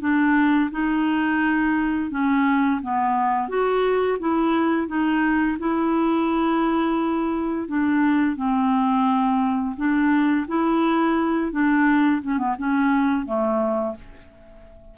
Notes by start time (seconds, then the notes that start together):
0.00 D4
0.71 D#4
2.11 C#4
2.81 B3
3.48 F#4
4.19 E4
4.87 D#4
5.59 E4
7.67 D4
8.36 C4
9.76 D4
10.48 E4
11.51 D4
12.22 C#4
12.38 B3
12.58 C#4
13.25 A3